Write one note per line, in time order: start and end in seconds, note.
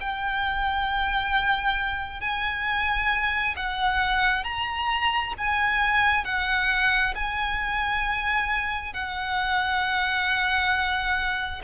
0.00 2.20 G5
2.20 3.55 G#5
3.56 4.43 F#5
4.43 5.33 A#5
5.37 6.24 G#5
6.24 7.14 F#5
7.14 8.93 G#5
8.93 11.61 F#5